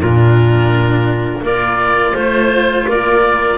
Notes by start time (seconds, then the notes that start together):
0.00 A#2 D4 F4 A#4
1.42 A#3 F4 A#4 D5
2.13 A3 C5
2.19 C5
2.88 A#3 A#4 D5